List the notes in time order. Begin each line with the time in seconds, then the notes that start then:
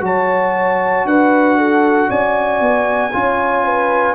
0.00 F#3 F#4 C#5 A5
1.04 D4 B4 F#5
1.57 A4
2.08 C#4 D5 G#5
2.60 B3
3.12 C#4 F4 C#5
3.64 B4